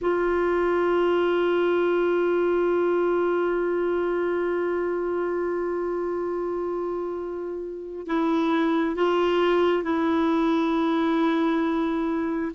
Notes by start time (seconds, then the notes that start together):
0.01 F4
8.06 E4
8.96 F4
9.83 E4